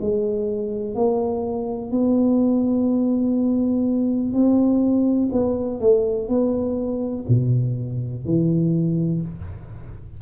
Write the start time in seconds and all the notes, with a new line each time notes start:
0.00 G#3
0.95 A#3
1.91 B3
4.32 C4
5.32 B3
5.80 A3
6.28 B3
7.28 B2
8.25 E3